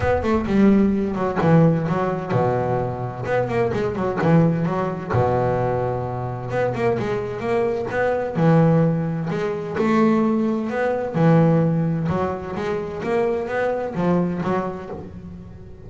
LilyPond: \new Staff \with { instrumentName = "double bass" } { \time 4/4 \tempo 4 = 129 b8 a8 g4. fis8 e4 | fis4 b,2 b8 ais8 | gis8 fis8 e4 fis4 b,4~ | b,2 b8 ais8 gis4 |
ais4 b4 e2 | gis4 a2 b4 | e2 fis4 gis4 | ais4 b4 f4 fis4 | }